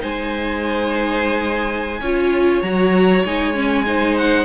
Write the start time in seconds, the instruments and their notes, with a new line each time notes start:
0.00 cello G#3, viola D#4, violin C5 G#5
2.01 cello C#4, viola F4, violin C#5
2.62 cello F#3, viola F#4, violin A#5
3.24 cello G#3, viola D#4, violin G#5
3.54 viola C#4
3.86 viola D#4, violin C5
4.17 violin F#5